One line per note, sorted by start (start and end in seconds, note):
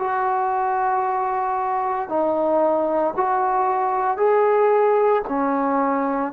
0.00 2.10 F#4
2.10 3.15 D#4
3.17 4.18 F#4
4.18 5.23 G#4
5.29 6.33 C#4